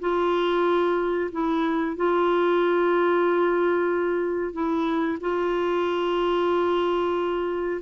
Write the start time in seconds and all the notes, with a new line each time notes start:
0.00 F4
1.31 E4
1.96 F4
4.52 E4
5.20 F4